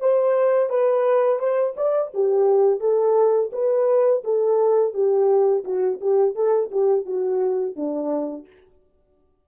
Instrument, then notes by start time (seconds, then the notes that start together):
horn
0.00 C5
0.70 B4
1.39 C5
1.76 D5
2.14 G4
2.80 A4
3.52 B4
4.24 A4
4.93 G4
5.64 F#4
6.00 G4
6.35 A4
6.71 G4
7.05 F#4
7.76 D4